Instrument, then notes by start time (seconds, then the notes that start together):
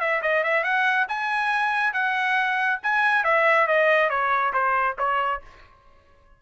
trumpet
0.00 E5
0.22 D#5
0.43 E5
0.64 F#5
1.08 G#5
1.93 F#5
2.83 G#5
3.24 E5
3.67 D#5
4.09 C#5
4.53 C5
4.99 C#5